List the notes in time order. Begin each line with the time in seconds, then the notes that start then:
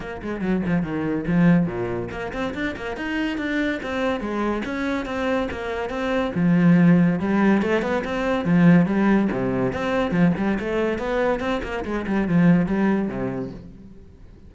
0.00 A#3
0.22 G#3
0.41 F#3
0.65 F3
0.82 D#3
1.27 F3
1.66 A#2
2.11 A#3
2.33 C4
2.54 D4
2.76 A#3
2.97 D#4
3.37 D4
3.82 C4
4.20 G#3
4.65 C#4
5.05 C4
5.51 A#3
5.89 C4
6.35 F3
7.19 G3
7.62 A3
7.82 B3
8.04 C4
8.44 F3
8.86 G3
9.31 C3
9.72 C4
10.11 F3
10.37 G3
10.59 A3
10.98 B3
11.40 C4
11.63 A#3
11.84 G#3
12.07 G3
12.28 F3
12.66 G3
13.08 C3